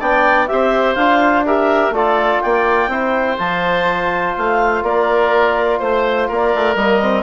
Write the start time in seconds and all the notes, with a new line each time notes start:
0.00 B3 D4 D5 G5
0.47 C4 G4 C5 E5
0.95 D4 F4 F5
1.46 G4 A#4 E5
1.91 A3 F4 A4 D5
2.42 A#3 D5 G5
2.88 C4 E4 C5
3.39 F3 F4 A5
4.37 A3 F5
4.83 A#3 A#4 D5
5.80 A3 C5
6.28 A#3 A#4 D5
6.55 A3
6.76 G3 A#3 D#5
7.01 C4